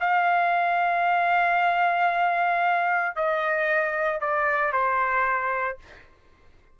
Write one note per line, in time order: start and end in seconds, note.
0.00 3.16 F5
3.16 4.21 D#5
4.21 4.72 D5
4.72 5.78 C5